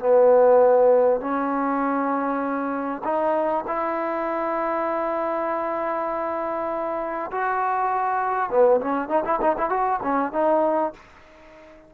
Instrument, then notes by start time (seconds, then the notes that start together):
trombone
0.00 B3
1.21 C#4
3.04 D#4
3.67 E4
7.32 F#4
8.51 B3
8.81 C#4
9.09 D#4
9.25 E4
9.42 D#4
9.58 E4
9.70 F#4
10.03 C#4
10.33 D#4